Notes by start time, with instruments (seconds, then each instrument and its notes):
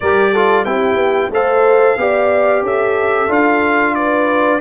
0.00 tuba G3, trombone G4, horn A#4, trumpet D5
0.32 trombone F4, horn A4
0.64 tuba C4, trombone E4, horn G4, trumpet G5
0.95 tuba B3
1.30 tuba A3, trombone A4, horn C5, trumpet F5
1.97 tuba B3, trombone G4, horn D5
2.62 tuba C#4, horn A4, trumpet E5
3.28 tuba D4, trombone F4, trumpet F5
3.94 horn B4, trumpet D5